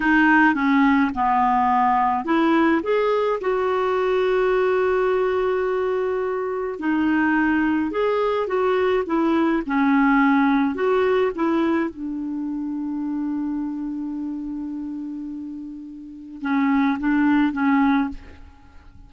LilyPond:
\new Staff \with { instrumentName = "clarinet" } { \time 4/4 \tempo 4 = 106 dis'4 cis'4 b2 | e'4 gis'4 fis'2~ | fis'1 | dis'2 gis'4 fis'4 |
e'4 cis'2 fis'4 | e'4 d'2.~ | d'1~ | d'4 cis'4 d'4 cis'4 | }